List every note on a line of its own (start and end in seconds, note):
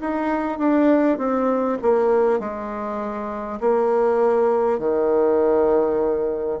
0.00 0.58 D#4
0.58 1.18 D4
1.18 1.78 C4
1.82 2.39 A#3
2.39 3.59 G#3
3.60 4.78 A#3
4.78 6.58 D#3